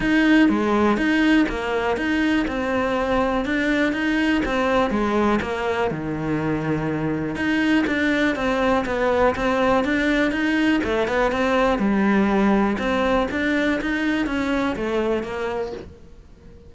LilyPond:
\new Staff \with { instrumentName = "cello" } { \time 4/4 \tempo 4 = 122 dis'4 gis4 dis'4 ais4 | dis'4 c'2 d'4 | dis'4 c'4 gis4 ais4 | dis2. dis'4 |
d'4 c'4 b4 c'4 | d'4 dis'4 a8 b8 c'4 | g2 c'4 d'4 | dis'4 cis'4 a4 ais4 | }